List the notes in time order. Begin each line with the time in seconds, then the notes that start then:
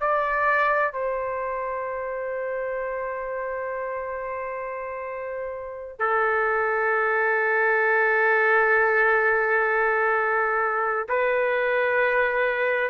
0.00 D5
0.92 C5
5.99 A4
11.09 B4